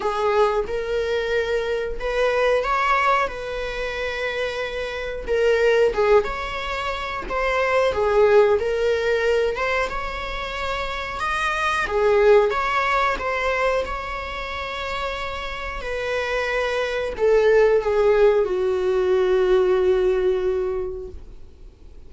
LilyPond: \new Staff \with { instrumentName = "viola" } { \time 4/4 \tempo 4 = 91 gis'4 ais'2 b'4 | cis''4 b'2. | ais'4 gis'8 cis''4. c''4 | gis'4 ais'4. c''8 cis''4~ |
cis''4 dis''4 gis'4 cis''4 | c''4 cis''2. | b'2 a'4 gis'4 | fis'1 | }